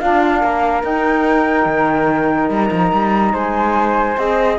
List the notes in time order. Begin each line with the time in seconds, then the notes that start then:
0.00 D4 F4 F5
0.42 A#3 A#4
0.83 D#4 G5
1.66 D#3
2.49 G3 A#5
2.72 F3
2.93 G3
3.33 G#3 C5 G#5
4.18 C4 G#4 D#5